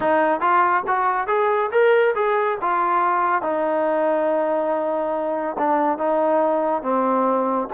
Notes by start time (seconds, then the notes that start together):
0.00 D#4
0.40 F4
0.87 F#4
1.27 G#4
1.71 A#4
2.15 G#4
2.61 F4
3.42 D#4
5.58 D4
5.98 D#4
6.82 C4